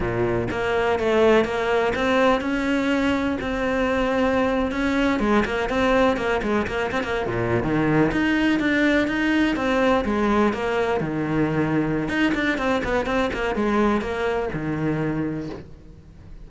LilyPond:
\new Staff \with { instrumentName = "cello" } { \time 4/4 \tempo 4 = 124 ais,4 ais4 a4 ais4 | c'4 cis'2 c'4~ | c'4.~ c'16 cis'4 gis8 ais8 c'16~ | c'8. ais8 gis8 ais8 c'16 ais8 ais,8. dis16~ |
dis8. dis'4 d'4 dis'4 c'16~ | c'8. gis4 ais4 dis4~ dis16~ | dis4 dis'8 d'8 c'8 b8 c'8 ais8 | gis4 ais4 dis2 | }